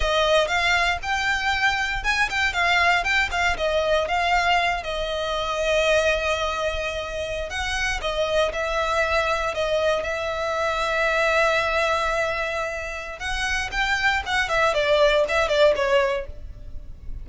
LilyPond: \new Staff \with { instrumentName = "violin" } { \time 4/4 \tempo 4 = 118 dis''4 f''4 g''2 | gis''8 g''8 f''4 g''8 f''8 dis''4 | f''4. dis''2~ dis''8~ | dis''2~ dis''8. fis''4 dis''16~ |
dis''8. e''2 dis''4 e''16~ | e''1~ | e''2 fis''4 g''4 | fis''8 e''8 d''4 e''8 d''8 cis''4 | }